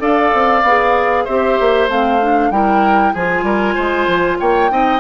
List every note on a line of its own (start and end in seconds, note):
0.00 0.32 D4
0.00 0.62 A4
0.00 1.25 D5
0.00 1.26 F5
0.34 0.63 C4
0.63 1.26 B3
0.63 1.29 G#4
1.25 1.60 C4
1.25 1.89 G4
1.25 2.50 C5
1.25 1.89 E5
1.60 1.89 A#3
1.89 2.51 A3
1.89 2.21 C4
1.89 2.51 F5
2.21 2.52 D4
2.51 3.13 G3
2.51 3.15 E4
2.51 3.13 A#4
2.51 3.13 G5
3.13 3.43 F3
3.13 4.71 F4
3.13 3.45 G#4
3.13 4.38 G#5
3.43 3.74 G3
3.43 3.75 A#4
3.75 4.08 G#3
3.75 4.38 C5
4.08 4.39 F3
4.40 4.71 A#3
4.40 4.71 C#5
4.40 5.01 G5
4.71 5.01 C4
4.71 5.01 D#4
4.71 5.01 D#5